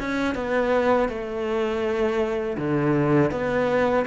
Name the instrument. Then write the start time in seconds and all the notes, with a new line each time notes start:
cello
0.00 C#4
0.35 B3
1.09 A3
2.58 D3
3.32 B3